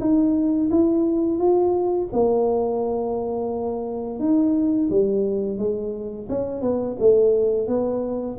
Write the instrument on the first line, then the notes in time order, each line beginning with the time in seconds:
tuba
0.00 D#4
0.71 E4
1.38 F4
2.12 A#3
4.19 D#4
4.90 G3
5.58 G#3
6.29 C#4
6.62 B3
6.99 A3
7.67 B3